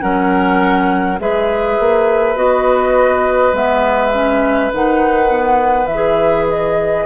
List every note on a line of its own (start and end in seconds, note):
0.00 1.20 F#3
0.00 1.18 C#4
0.00 1.20 A#4
0.00 1.19 F#5
1.20 1.78 G#3
1.20 2.36 G#4
1.20 7.07 B4
1.20 2.38 E5
1.80 2.36 A#3
2.36 3.53 B3
2.36 3.53 F#4
2.36 3.55 D#5
3.53 4.71 G#3
3.53 4.12 B3
3.53 4.73 E5
4.13 4.72 C#4
4.74 5.87 D#3
4.74 5.30 D#4
4.74 5.87 F#5
5.30 5.88 B3
5.87 7.05 E3
5.87 6.46 E5
5.94 7.07 G#4
6.50 7.07 D#5